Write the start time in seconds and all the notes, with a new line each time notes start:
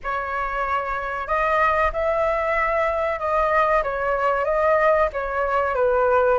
0.03 C#5
1.27 D#5
1.93 E5
3.19 D#5
3.83 C#5
4.44 D#5
5.12 C#5
5.74 B4